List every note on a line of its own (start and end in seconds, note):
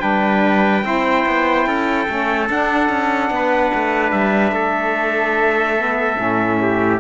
0.00 0.85 G3
0.00 0.82 D4
0.00 0.84 B4
0.00 2.47 G5
0.83 1.26 C4
0.83 2.07 E4
0.83 1.67 C5
1.26 1.67 B3
1.67 2.08 C#4
1.67 3.32 A4
2.07 2.49 A3
2.07 2.48 C#4
2.49 2.89 D4
2.49 5.78 D4
2.49 4.12 F#5
2.89 3.30 C#4
3.30 3.72 B3
3.30 4.54 B4
3.74 4.12 A3
4.12 4.52 G3
4.12 7.00 E5
4.52 6.16 A3
4.52 6.60 A4
5.78 6.17 B3
6.17 7.01 A2
6.17 6.99 C#4
6.62 7.01 G4